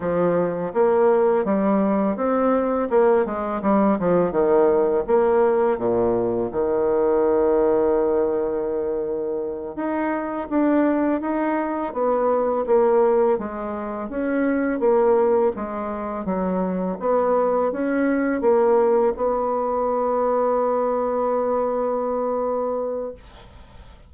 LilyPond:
\new Staff \with { instrumentName = "bassoon" } { \time 4/4 \tempo 4 = 83 f4 ais4 g4 c'4 | ais8 gis8 g8 f8 dis4 ais4 | ais,4 dis2.~ | dis4. dis'4 d'4 dis'8~ |
dis'8 b4 ais4 gis4 cis'8~ | cis'8 ais4 gis4 fis4 b8~ | b8 cis'4 ais4 b4.~ | b1 | }